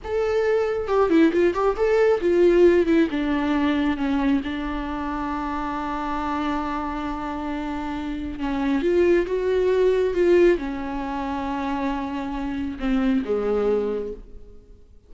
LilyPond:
\new Staff \with { instrumentName = "viola" } { \time 4/4 \tempo 4 = 136 a'2 g'8 e'8 f'8 g'8 | a'4 f'4. e'8 d'4~ | d'4 cis'4 d'2~ | d'1~ |
d'2. cis'4 | f'4 fis'2 f'4 | cis'1~ | cis'4 c'4 gis2 | }